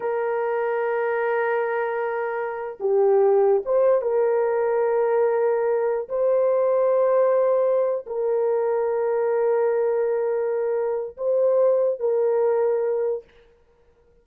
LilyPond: \new Staff \with { instrumentName = "horn" } { \time 4/4 \tempo 4 = 145 ais'1~ | ais'2~ ais'8. g'4~ g'16~ | g'8. c''4 ais'2~ ais'16~ | ais'2~ ais'8. c''4~ c''16~ |
c''2.~ c''8 ais'8~ | ais'1~ | ais'2. c''4~ | c''4 ais'2. | }